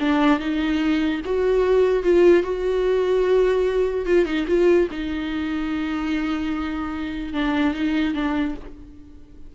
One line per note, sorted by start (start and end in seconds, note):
0.00 0.40 D4
0.40 1.21 D#4
1.25 2.03 F#4
2.03 2.43 F4
2.43 4.06 F#4
4.06 4.26 F4
4.26 4.46 D#4
4.47 4.88 F4
4.91 7.34 D#4
7.34 7.74 D4
7.74 8.14 D#4
8.14 8.55 D4